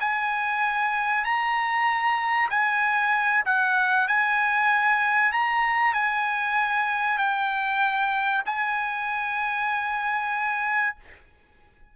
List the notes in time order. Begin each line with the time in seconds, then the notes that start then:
0.00 G#5
1.24 A#5
2.50 G#5
3.45 F#5
4.07 G#5
5.32 A#5
5.93 G#5
7.18 G5
8.45 G#5